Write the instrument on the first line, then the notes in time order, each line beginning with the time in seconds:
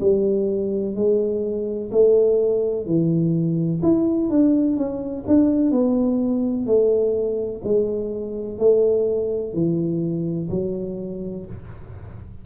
tuba
0.00 G3
0.95 G#3
1.91 A3
2.86 E3
3.82 E4
4.29 D4
4.77 C#4
5.27 D4
5.71 B3
6.66 A3
7.64 G#3
8.58 A3
9.53 E3
10.50 F#3